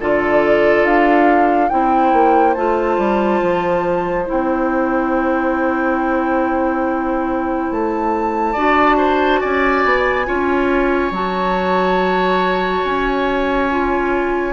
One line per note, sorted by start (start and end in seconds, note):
0.00 0.84 D3
0.00 1.71 F4
0.00 1.71 A4
0.00 0.85 D5
0.84 1.70 D4
0.84 1.69 F5
1.69 2.13 C4
1.69 2.56 E4
1.69 8.53 C5
1.69 2.54 G5
2.13 2.56 A#3
2.54 2.98 A3
2.54 4.26 F4
2.54 4.26 A5
2.98 3.41 G3
3.42 4.28 F3
4.26 7.71 C4
4.26 8.54 E4
4.26 7.72 G5
7.71 8.56 A3
7.71 9.41 A5
8.53 9.41 D4
8.53 10.26 F#4
8.53 8.96 D5
8.98 9.41 C5
9.41 9.85 C#4
9.41 10.26 D5
9.41 11.13 G#5
9.85 10.28 B3
10.26 11.12 C#4
10.26 11.12 F4
10.26 14.53 C#5
11.12 12.83 F#3
11.12 13.71 F#4
11.12 12.84 A5
12.84 14.53 C#4
12.84 14.53 G#5
13.71 14.53 F4